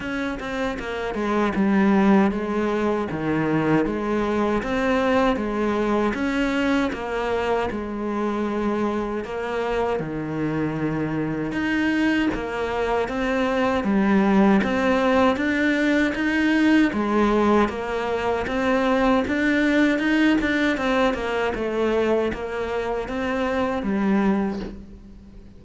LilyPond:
\new Staff \with { instrumentName = "cello" } { \time 4/4 \tempo 4 = 78 cis'8 c'8 ais8 gis8 g4 gis4 | dis4 gis4 c'4 gis4 | cis'4 ais4 gis2 | ais4 dis2 dis'4 |
ais4 c'4 g4 c'4 | d'4 dis'4 gis4 ais4 | c'4 d'4 dis'8 d'8 c'8 ais8 | a4 ais4 c'4 g4 | }